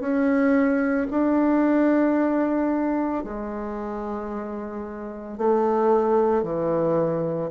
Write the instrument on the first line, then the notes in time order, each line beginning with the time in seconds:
bassoon
0.00 C#4
1.11 D4
3.24 G#3
5.38 A3
6.43 E3